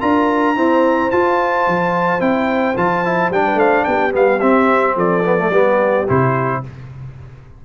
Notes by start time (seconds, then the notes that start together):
0.00 D4 F4 A#4 A#5
0.56 C4 E4 C5
1.11 F4 A5
1.67 F3
2.19 C4 E4 G5
2.76 F3 F4 A5
3.04 E4
3.30 G3 D4 G5
3.45 B4
3.55 A3 C5 F5
3.84 B3 G4 G5
4.12 G3 B3 F5
4.40 C4 E5
4.95 F3 A4 D5
5.25 B3
5.38 A3
5.51 G3 B3 G4
6.08 C3 E4 C5